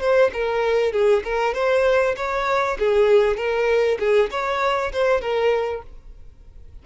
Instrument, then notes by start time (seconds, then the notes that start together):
violin
0.00 C5
0.33 A#4
0.92 G#4
1.24 A#4
1.54 C5
2.16 C#5
2.79 G#4
3.36 A#4
3.99 G#4
4.31 C#5
4.92 C5
5.21 A#4